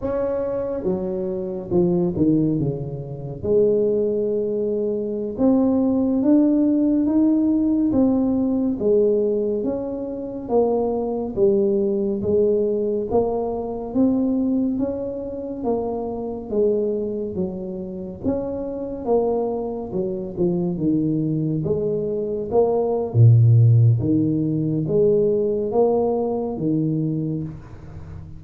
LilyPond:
\new Staff \with { instrumentName = "tuba" } { \time 4/4 \tempo 4 = 70 cis'4 fis4 f8 dis8 cis4 | gis2~ gis16 c'4 d'8.~ | d'16 dis'4 c'4 gis4 cis'8.~ | cis'16 ais4 g4 gis4 ais8.~ |
ais16 c'4 cis'4 ais4 gis8.~ | gis16 fis4 cis'4 ais4 fis8 f16~ | f16 dis4 gis4 ais8. ais,4 | dis4 gis4 ais4 dis4 | }